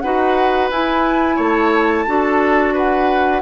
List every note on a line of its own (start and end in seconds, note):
0.00 0.70 D#4
0.00 0.71 F#4
0.00 1.36 B4
0.00 0.68 F#5
0.70 1.38 E4
0.70 2.06 E4
0.70 1.38 G#5
1.36 2.06 A3
1.36 2.04 C#5
1.36 2.75 A5
2.06 3.42 D4
2.06 3.42 F#4
2.06 2.74 A4
2.74 3.42 B4
2.74 3.42 F#5